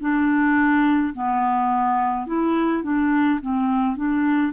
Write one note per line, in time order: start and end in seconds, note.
0.00 1.13 D4
1.13 2.26 B3
2.26 2.83 E4
2.83 3.39 D4
3.41 3.96 C4
3.96 4.52 D4